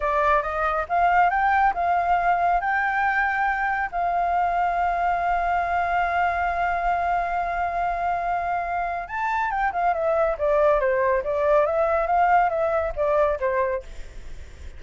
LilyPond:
\new Staff \with { instrumentName = "flute" } { \time 4/4 \tempo 4 = 139 d''4 dis''4 f''4 g''4 | f''2 g''2~ | g''4 f''2.~ | f''1~ |
f''1~ | f''4 a''4 g''8 f''8 e''4 | d''4 c''4 d''4 e''4 | f''4 e''4 d''4 c''4 | }